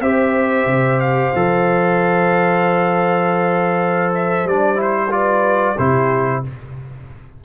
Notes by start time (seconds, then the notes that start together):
0.00 C4 G4 C5 E5
0.66 C3
1.00 F5
1.34 F3 A4
4.14 E5
4.44 G3 D4 D5
4.75 E4
4.81 C5
5.10 F4 B4 D5
5.76 C3 E4 G4 C5